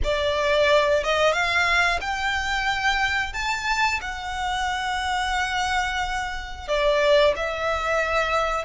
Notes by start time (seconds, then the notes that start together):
0.03 D5
1.03 D#5
1.32 F5
2.00 G5
3.33 A5
4.01 F#5
6.68 D5
7.35 E5